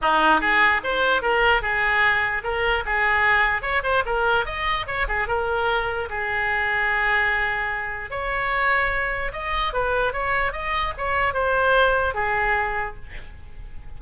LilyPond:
\new Staff \with { instrumentName = "oboe" } { \time 4/4 \tempo 4 = 148 dis'4 gis'4 c''4 ais'4 | gis'2 ais'4 gis'4~ | gis'4 cis''8 c''8 ais'4 dis''4 | cis''8 gis'8 ais'2 gis'4~ |
gis'1 | cis''2. dis''4 | b'4 cis''4 dis''4 cis''4 | c''2 gis'2 | }